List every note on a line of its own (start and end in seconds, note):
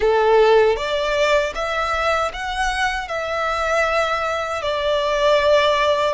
0.00 0.76 A4
0.76 1.53 D5
1.54 2.31 E5
2.33 3.08 F#5
3.08 4.62 E5
4.62 6.14 D5